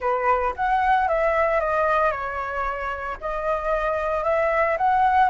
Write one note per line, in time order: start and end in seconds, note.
0.00 0.54 B4
0.56 1.07 F#5
1.07 1.60 E5
1.60 2.11 D#5
2.11 3.17 C#5
3.21 4.24 D#5
4.24 4.77 E5
4.77 5.30 F#5